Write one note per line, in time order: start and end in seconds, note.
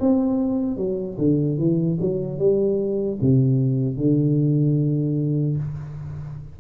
0.00 0.77 C4
0.77 1.17 F#3
1.18 1.58 D3
1.58 1.98 E3
2.01 2.39 F#3
2.39 3.19 G3
3.21 3.97 C3
3.97 5.57 D3